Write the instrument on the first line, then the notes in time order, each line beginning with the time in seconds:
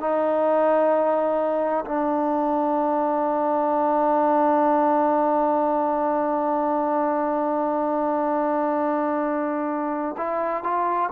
trombone
0.00 D#4
1.85 D4
10.17 E4
10.64 F4